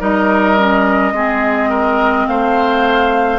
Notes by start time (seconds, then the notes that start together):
0.00 G3 D#4 A#4 D#5
0.57 C#4
1.12 G#3 C4 G#4
1.70 A#4
2.27 A3 C5 F5